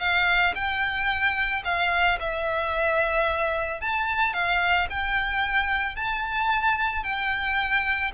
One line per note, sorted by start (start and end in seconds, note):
0.00 0.54 F5
0.55 1.63 G5
1.65 2.19 F5
2.20 3.81 E5
3.81 4.33 A5
4.33 4.87 F5
4.90 5.96 G5
5.96 7.04 A5
7.04 8.12 G5